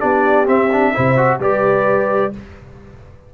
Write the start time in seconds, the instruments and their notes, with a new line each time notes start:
0.00 tuba B3, trombone D4, horn G4, trumpet D5
0.46 trombone C4, tuba C4, trumpet E5
0.73 trombone D4
0.94 tuba C3, trombone E4, horn C5
1.17 trombone F#4
1.40 tuba G3, trombone G4, horn B4, trumpet D5